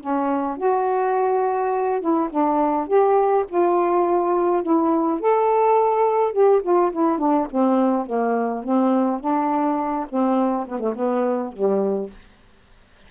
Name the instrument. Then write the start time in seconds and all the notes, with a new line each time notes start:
saxophone
0.00 C#4
0.57 F#4
2.01 E4
2.29 D4
2.87 G4
3.48 F4
4.62 E4
5.19 A4
6.32 G4
6.62 F4
6.92 E4
7.18 D4
7.50 C4
8.06 A#3
8.64 C4
9.20 D4
10.09 C4
10.67 B3
10.79 A3
10.95 B3
11.52 G3